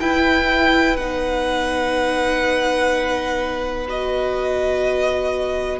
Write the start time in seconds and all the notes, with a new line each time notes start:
0.00 E4 B4 G5
0.97 B3 D#4 F#5
3.88 F#4 D#5